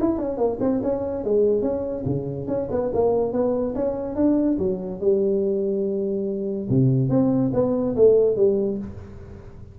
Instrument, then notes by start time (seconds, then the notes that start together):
tuba
0.00 E4
0.18 C#4
0.37 A#3
0.60 C4
0.83 C#4
1.24 G#3
1.62 C#4
2.05 C#3
2.47 C#4
2.71 B3
2.94 A#3
3.32 B3
3.75 C#4
4.15 D4
4.58 F#3
5.00 G3
6.69 C3
7.09 C4
7.53 B3
7.95 A3
8.36 G3